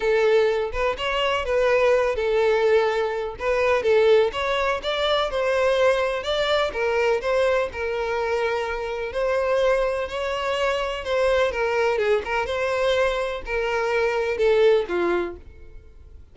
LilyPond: \new Staff \with { instrumentName = "violin" } { \time 4/4 \tempo 4 = 125 a'4. b'8 cis''4 b'4~ | b'8 a'2~ a'8 b'4 | a'4 cis''4 d''4 c''4~ | c''4 d''4 ais'4 c''4 |
ais'2. c''4~ | c''4 cis''2 c''4 | ais'4 gis'8 ais'8 c''2 | ais'2 a'4 f'4 | }